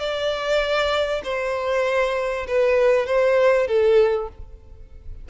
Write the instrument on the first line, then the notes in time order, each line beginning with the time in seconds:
violin
0.00 D5
1.24 C5
2.48 B4
3.07 C5
3.68 A4